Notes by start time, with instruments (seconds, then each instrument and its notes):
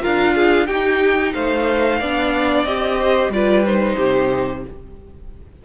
0.00 cello D4, viola F4, violin A#4 F5
0.35 violin G#4
0.66 cello D#4, viola D#4, violin G4 G5
1.33 cello A3, violin C5 F5
1.99 cello B3, viola D4, violin D5
2.64 cello C4, viola G4, violin D#5
2.98 violin C5
3.29 cello G3, viola F4, violin B4 D5
3.65 viola D#4, violin C5
3.95 cello C3, violin G4